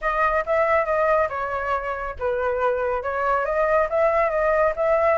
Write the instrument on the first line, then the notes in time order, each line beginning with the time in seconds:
flute
0.01 D#5
0.46 E5
0.85 D#5
1.29 C#5
2.19 B4
3.02 C#5
3.45 D#5
3.89 E5
4.30 D#5
4.76 E5